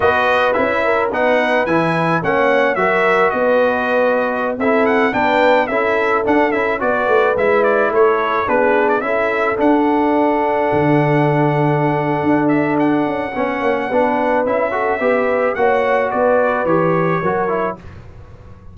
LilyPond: <<
  \new Staff \with { instrumentName = "trumpet" } { \time 4/4 \tempo 4 = 108 dis''4 e''4 fis''4 gis''4 | fis''4 e''4 dis''2~ | dis''16 e''8 fis''8 g''4 e''4 fis''8 e''16~ | e''16 d''4 e''8 d''8 cis''4 b'8. |
d''16 e''4 fis''2~ fis''8.~ | fis''2~ fis''8 e''8 fis''4~ | fis''2 e''2 | fis''4 d''4 cis''2 | }
  \new Staff \with { instrumentName = "horn" } { \time 4/4 b'4. ais'8 b'2 | cis''4 ais'4 b'2~ | b'16 a'4 b'4 a'4.~ a'16~ | a'16 b'2 a'4 gis'8.~ |
gis'16 a'2.~ a'8.~ | a'1 | cis''4 b'4. a'8 b'4 | cis''4 b'2 ais'4 | }
  \new Staff \with { instrumentName = "trombone" } { \time 4/4 fis'4 e'4 dis'4 e'4 | cis'4 fis'2.~ | fis'16 e'4 d'4 e'4 d'8 e'16~ | e'16 fis'4 e'2 d'8.~ |
d'16 e'4 d'2~ d'8.~ | d'1 | cis'4 d'4 e'8 fis'8 g'4 | fis'2 g'4 fis'8 e'8 | }
  \new Staff \with { instrumentName = "tuba" } { \time 4/4 b4 cis'4 b4 e4 | ais4 fis4 b2~ | b16 c'4 b4 cis'4 d'8 cis'16~ | cis'16 b8 a8 gis4 a4 b8.~ |
b16 cis'4 d'2 d8.~ | d2 d'4. cis'8 | b8 ais8 b4 cis'4 b4 | ais4 b4 e4 fis4 | }
>>